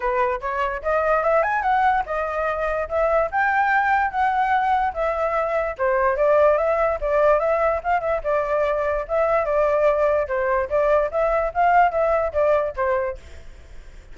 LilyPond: \new Staff \with { instrumentName = "flute" } { \time 4/4 \tempo 4 = 146 b'4 cis''4 dis''4 e''8 gis''8 | fis''4 dis''2 e''4 | g''2 fis''2 | e''2 c''4 d''4 |
e''4 d''4 e''4 f''8 e''8 | d''2 e''4 d''4~ | d''4 c''4 d''4 e''4 | f''4 e''4 d''4 c''4 | }